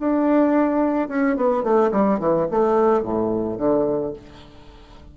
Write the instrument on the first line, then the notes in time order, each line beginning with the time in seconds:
bassoon
0.00 D4
1.09 C#4
1.37 B3
1.64 A3
1.92 G3
2.19 E3
2.51 A3
3.03 A2
3.58 D3